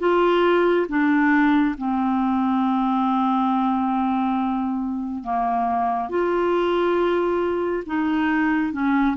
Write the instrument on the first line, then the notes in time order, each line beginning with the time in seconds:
clarinet
0.00 F4
0.89 D4
1.78 C4
5.24 A#3
6.10 F4
7.87 D#4
8.73 C#4